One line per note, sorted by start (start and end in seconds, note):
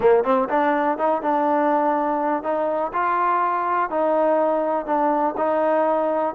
0.00 0.24 A#3
0.24 0.48 C4
0.49 0.98 D4
0.98 1.22 D#4
1.22 2.43 D4
2.43 2.91 D#4
2.93 3.90 F4
3.90 4.86 D#4
4.86 5.35 D4
5.37 6.34 D#4